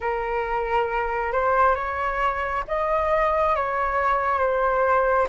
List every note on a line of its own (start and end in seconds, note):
0.00 1.32 A#4
1.32 1.75 C5
1.75 2.63 C#5
2.67 3.55 D#5
3.55 4.38 C#5
4.38 5.27 C5